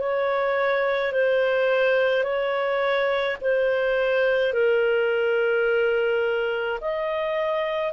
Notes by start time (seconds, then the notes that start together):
0.00 C#5
1.13 C5
2.23 C#5
3.41 C5
4.53 A#4
6.81 D#5